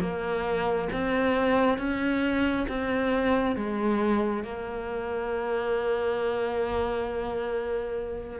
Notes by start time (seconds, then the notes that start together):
0.00 A#3
0.93 C4
1.78 C#4
2.69 C4
3.56 G#3
4.44 A#3